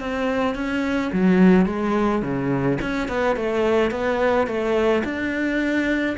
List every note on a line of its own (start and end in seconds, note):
0.00 0.55 C4
0.55 1.11 C#4
1.12 1.66 F#3
1.66 2.22 G#3
2.22 2.78 C#3
2.81 3.08 C#4
3.08 3.36 B3
3.36 3.91 A3
3.91 4.47 B3
4.47 5.03 A3
5.04 6.16 D4